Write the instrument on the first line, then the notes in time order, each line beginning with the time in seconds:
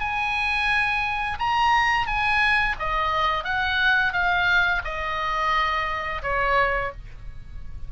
oboe
0.00 G#5
1.39 A#5
2.07 G#5
2.79 D#5
3.44 F#5
4.13 F5
4.84 D#5
6.22 C#5